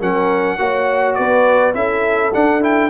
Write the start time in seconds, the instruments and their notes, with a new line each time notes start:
0.00 tuba F#3, trombone C#4, horn A#4, trumpet F#5
0.58 tuba A#3, trombone F#4, horn C#5
1.15 tuba B3, horn B4, trumpet D5
1.74 tuba C#4, trombone E4, horn A4, trumpet E5
2.34 trombone D4, tuba D4, trumpet F#5
2.61 trombone E4, trumpet G5